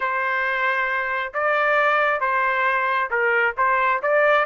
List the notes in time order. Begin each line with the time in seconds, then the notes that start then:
0.00 C5
1.33 D5
2.20 C5
3.10 A#4
3.57 C5
4.02 D5